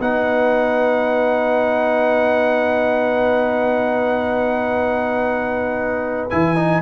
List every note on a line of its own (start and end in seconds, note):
0.00 6.32 B3
0.00 6.31 D#4
0.00 6.82 B4
0.00 6.30 F#5
6.30 6.82 E3
6.30 6.56 E4
6.30 6.82 G#5
6.56 6.82 D#4